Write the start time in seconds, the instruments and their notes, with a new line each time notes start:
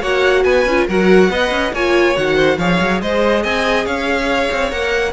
0.00 cello A#3, viola F#4, violin C#5 F#5
0.44 cello B3, violin B4 G#5
0.65 cello C#4, viola F4
0.87 cello F#3, viola F#4, violin A#4 F#5
1.30 cello B3, viola B4, violin D#5
1.51 cello C#4
1.73 cello A#3, viola F4, violin C#5 G#5
2.15 cello D#3, viola F#4, violin F#5
2.35 violin C5
2.58 cello F3, viola G#4, violin C#5 F5
2.80 cello F#3
3.01 cello G#3, violin C5 D#5
3.43 cello C4, violin D#5 G#5
3.85 cello C#4, violin C#5 F5
4.51 cello C4
4.71 cello A#3, viola A#4, violin F#5